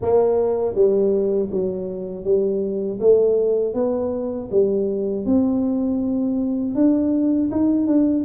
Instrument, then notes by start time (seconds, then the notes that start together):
tuba
0.01 A#3
0.74 G3
1.50 F#3
2.24 G3
3.00 A3
3.74 B3
4.51 G3
5.25 C4
6.75 D4
7.51 D#4
7.86 D4